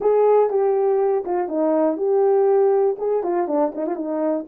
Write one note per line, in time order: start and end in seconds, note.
0.00 0.50 G#4
0.50 1.24 G4
1.25 1.48 F4
1.48 1.97 D#4
1.97 2.96 G4
2.98 3.23 G#4
3.23 3.47 F4
3.47 3.72 D4
3.74 3.86 D#4
3.86 3.95 F4
3.95 4.45 D#4